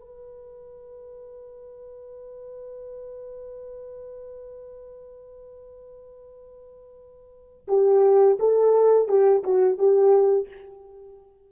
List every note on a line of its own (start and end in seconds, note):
0.00 7.67 B4
7.68 8.38 G4
8.40 9.09 A4
9.09 9.43 G4
9.43 9.78 F#4
9.78 10.48 G4